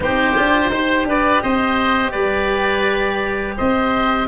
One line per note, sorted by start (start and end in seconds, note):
0.00 0.36 C4
0.00 0.35 D#4
0.00 0.71 G4
0.00 1.09 C5
0.35 0.69 D4
0.35 0.71 F4
0.69 1.04 D#4
0.69 4.27 G4
0.69 1.07 C5
1.04 1.40 D4
1.04 1.42 B4
1.04 1.42 D5
1.42 2.14 C4
1.42 2.12 C5
1.42 2.11 D#5
2.11 3.57 G3
2.11 3.55 B4
2.11 3.54 D5
3.56 4.27 C4
3.56 4.27 C5
3.56 4.27 D#5